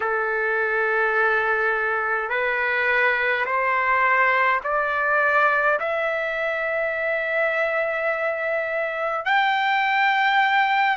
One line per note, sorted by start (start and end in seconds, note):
0.00 2.29 A4
2.29 3.45 B4
3.45 4.60 C5
4.63 5.78 D5
5.79 9.25 E5
9.25 10.96 G5